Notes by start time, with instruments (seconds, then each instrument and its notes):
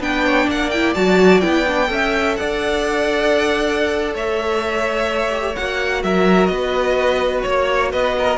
0.00 cello B3, viola D4, violin B4 G5
0.25 violin C#5
0.47 cello A#3, violin D5 F#5
0.71 viola E4, violin G5
0.95 cello F#3, viola F#4, violin A5
1.41 cello B3, viola E4, violin G5
1.67 viola D4
1.87 cello C#4, viola A4, violin E5
2.37 cello D4, violin D5 F#5
4.14 cello A3, violin C#5 E5
5.32 viola G4
5.56 cello A#3, viola F#4, violin F#5
6.04 cello F#3, violin A#4 E5
6.46 cello B3, violin B4 D#5
7.43 cello A#3, violin C#5
7.92 cello B3, violin B4 D#5
8.18 violin A#4